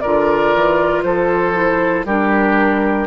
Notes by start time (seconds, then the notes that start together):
0.00 D3 F4 A#4 D5
0.55 E3
1.03 F3 A4 C5
1.54 E4
2.05 G3 D4 G4 A#4